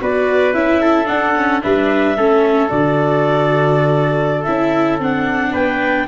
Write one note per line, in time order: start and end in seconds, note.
0.00 0.53 B3
0.00 0.53 F#4
0.00 0.81 B4
0.00 0.53 D5
0.53 1.08 C#4
0.53 1.05 E4
0.53 1.07 E5
0.81 1.62 A4
1.05 1.32 D4
1.05 1.62 D4
1.05 1.61 F#5
1.35 1.61 C#4
1.61 2.16 G3
1.61 2.15 D4
1.61 2.17 B4
1.61 2.69 E5
2.16 2.70 A3
2.16 2.68 C#4
2.16 5.51 A4
2.68 4.47 D3
2.68 4.44 F#4
2.68 4.43 D5
4.43 4.99 C#4
4.43 5.00 E4
4.43 4.97 E5
4.99 5.53 C4
4.99 6.08 D4
4.99 5.53 F#5
5.51 6.08 B3
5.51 6.05 B4
5.51 6.07 G5